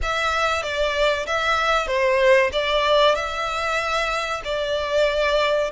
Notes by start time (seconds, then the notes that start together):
0.02 E5
0.63 D5
1.26 E5
1.87 C5
2.52 D5
3.15 E5
4.44 D5